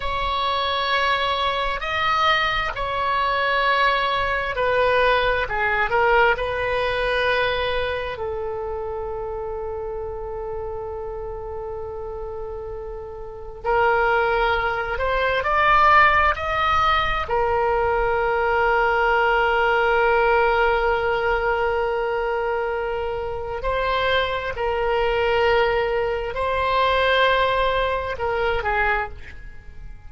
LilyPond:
\new Staff \with { instrumentName = "oboe" } { \time 4/4 \tempo 4 = 66 cis''2 dis''4 cis''4~ | cis''4 b'4 gis'8 ais'8 b'4~ | b'4 a'2.~ | a'2. ais'4~ |
ais'8 c''8 d''4 dis''4 ais'4~ | ais'1~ | ais'2 c''4 ais'4~ | ais'4 c''2 ais'8 gis'8 | }